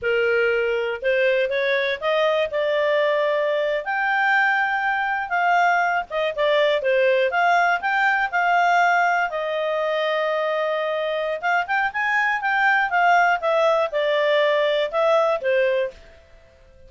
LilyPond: \new Staff \with { instrumentName = "clarinet" } { \time 4/4 \tempo 4 = 121 ais'2 c''4 cis''4 | dis''4 d''2~ d''8. g''16~ | g''2~ g''8. f''4~ f''16~ | f''16 dis''8 d''4 c''4 f''4 g''16~ |
g''8. f''2 dis''4~ dis''16~ | dis''2. f''8 g''8 | gis''4 g''4 f''4 e''4 | d''2 e''4 c''4 | }